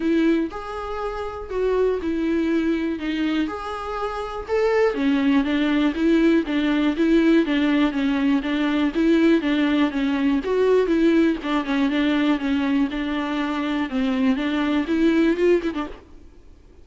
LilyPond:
\new Staff \with { instrumentName = "viola" } { \time 4/4 \tempo 4 = 121 e'4 gis'2 fis'4 | e'2 dis'4 gis'4~ | gis'4 a'4 cis'4 d'4 | e'4 d'4 e'4 d'4 |
cis'4 d'4 e'4 d'4 | cis'4 fis'4 e'4 d'8 cis'8 | d'4 cis'4 d'2 | c'4 d'4 e'4 f'8 e'16 d'16 | }